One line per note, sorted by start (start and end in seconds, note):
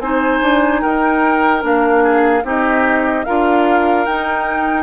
0.00 0.41 C4
0.00 1.61 D#4
0.00 0.82 C5
0.00 0.82 G#5
0.42 0.83 D4
0.82 1.64 D#4
0.82 2.03 A#4
0.82 1.63 G5
1.61 2.43 A#3
1.61 2.42 D4
1.61 2.47 F5
2.03 2.44 G#4
2.43 3.24 C4
2.43 3.26 D#4
2.43 3.26 G4
2.43 3.25 D#5
3.25 4.07 D4
3.25 4.07 F4
3.25 4.83 A#4
3.25 4.06 F5
4.06 4.83 D#4
4.06 4.83 G5